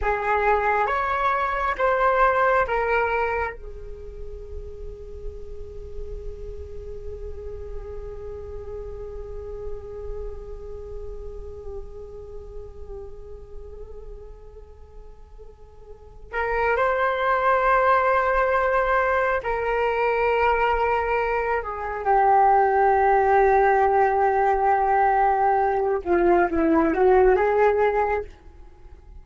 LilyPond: \new Staff \with { instrumentName = "flute" } { \time 4/4 \tempo 4 = 68 gis'4 cis''4 c''4 ais'4 | gis'1~ | gis'1~ | gis'1~ |
gis'2~ gis'8 ais'8 c''4~ | c''2 ais'2~ | ais'8 gis'8 g'2.~ | g'4. f'8 e'8 fis'8 gis'4 | }